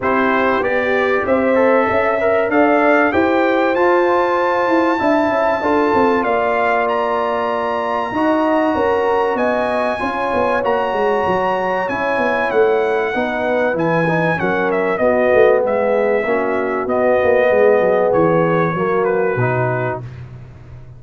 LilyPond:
<<
  \new Staff \with { instrumentName = "trumpet" } { \time 4/4 \tempo 4 = 96 c''4 d''4 e''2 | f''4 g''4 a''2~ | a''2 f''4 ais''4~ | ais''2. gis''4~ |
gis''4 ais''2 gis''4 | fis''2 gis''4 fis''8 e''8 | dis''4 e''2 dis''4~ | dis''4 cis''4. b'4. | }
  \new Staff \with { instrumentName = "horn" } { \time 4/4 g'2 c''4 e''4 | d''4 c''2. | e''4 a'4 d''2~ | d''4 dis''4 ais'4 dis''4 |
cis''1~ | cis''4 b'2 ais'4 | fis'4 gis'4 fis'2 | gis'2 fis'2 | }
  \new Staff \with { instrumentName = "trombone" } { \time 4/4 e'4 g'4. a'4 ais'8 | a'4 g'4 f'2 | e'4 f'2.~ | f'4 fis'2. |
f'4 fis'2 e'4~ | e'4 dis'4 e'8 dis'8 cis'4 | b2 cis'4 b4~ | b2 ais4 dis'4 | }
  \new Staff \with { instrumentName = "tuba" } { \time 4/4 c'4 b4 c'4 cis'4 | d'4 e'4 f'4. e'8 | d'8 cis'8 d'8 c'8 ais2~ | ais4 dis'4 cis'4 b4 |
cis'8 b8 ais8 gis8 fis4 cis'8 b8 | a4 b4 e4 fis4 | b8 a8 gis4 ais4 b8 ais8 | gis8 fis8 e4 fis4 b,4 | }
>>